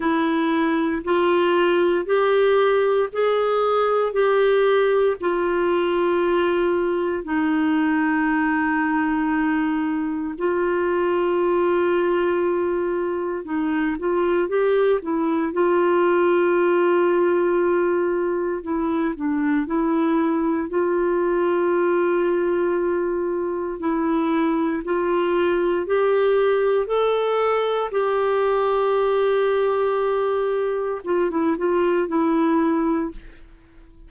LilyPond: \new Staff \with { instrumentName = "clarinet" } { \time 4/4 \tempo 4 = 58 e'4 f'4 g'4 gis'4 | g'4 f'2 dis'4~ | dis'2 f'2~ | f'4 dis'8 f'8 g'8 e'8 f'4~ |
f'2 e'8 d'8 e'4 | f'2. e'4 | f'4 g'4 a'4 g'4~ | g'2 f'16 e'16 f'8 e'4 | }